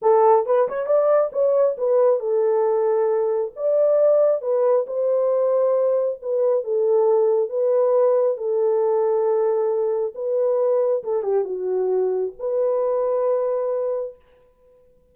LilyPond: \new Staff \with { instrumentName = "horn" } { \time 4/4 \tempo 4 = 136 a'4 b'8 cis''8 d''4 cis''4 | b'4 a'2. | d''2 b'4 c''4~ | c''2 b'4 a'4~ |
a'4 b'2 a'4~ | a'2. b'4~ | b'4 a'8 g'8 fis'2 | b'1 | }